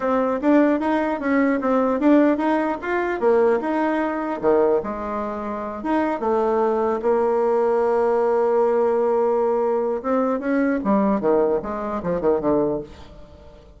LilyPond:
\new Staff \with { instrumentName = "bassoon" } { \time 4/4 \tempo 4 = 150 c'4 d'4 dis'4 cis'4 | c'4 d'4 dis'4 f'4 | ais4 dis'2 dis4 | gis2~ gis8 dis'4 a8~ |
a4. ais2~ ais8~ | ais1~ | ais4 c'4 cis'4 g4 | dis4 gis4 f8 dis8 d4 | }